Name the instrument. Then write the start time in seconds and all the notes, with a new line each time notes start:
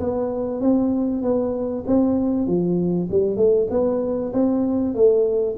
tuba
0.00 B3
0.61 C4
1.22 B3
1.87 C4
2.47 F3
3.11 G3
3.37 A3
3.71 B3
4.33 C4
4.95 A3